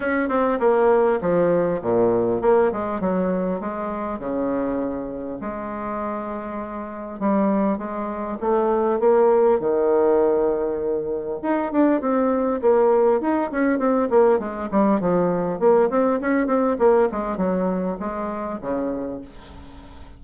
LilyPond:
\new Staff \with { instrumentName = "bassoon" } { \time 4/4 \tempo 4 = 100 cis'8 c'8 ais4 f4 ais,4 | ais8 gis8 fis4 gis4 cis4~ | cis4 gis2. | g4 gis4 a4 ais4 |
dis2. dis'8 d'8 | c'4 ais4 dis'8 cis'8 c'8 ais8 | gis8 g8 f4 ais8 c'8 cis'8 c'8 | ais8 gis8 fis4 gis4 cis4 | }